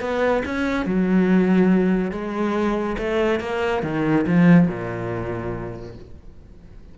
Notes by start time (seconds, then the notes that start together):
0.00 B3
0.45 C#4
0.85 F#3
2.11 G#3
2.98 A3
3.40 A#3
3.83 D#3
4.26 F3
4.67 A#2